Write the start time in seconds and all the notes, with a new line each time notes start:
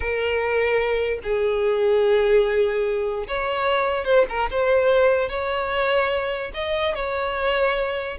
0.00 A#4
1.23 G#4
3.27 C#5
4.05 C5
4.29 A#4
4.50 C5
5.29 C#5
6.54 D#5
6.95 C#5